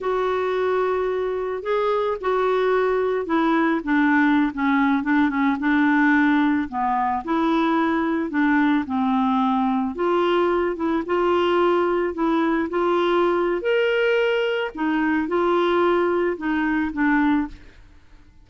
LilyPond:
\new Staff \with { instrumentName = "clarinet" } { \time 4/4 \tempo 4 = 110 fis'2. gis'4 | fis'2 e'4 d'4~ | d'16 cis'4 d'8 cis'8 d'4.~ d'16~ | d'16 b4 e'2 d'8.~ |
d'16 c'2 f'4. e'16~ | e'16 f'2 e'4 f'8.~ | f'4 ais'2 dis'4 | f'2 dis'4 d'4 | }